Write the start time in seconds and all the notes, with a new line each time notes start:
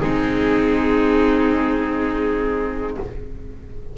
0.00 G#3 C4 D#4 G#4